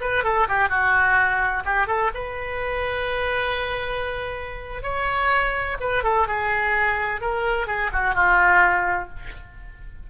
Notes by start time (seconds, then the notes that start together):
0.00 B4
0.23 A4
0.48 G4
0.69 F#4
1.65 G4
1.86 A4
2.14 B4
4.82 C#5
5.80 B4
6.03 A4
6.27 G#4
7.20 A#4
7.66 G#4
7.92 F#4
8.14 F4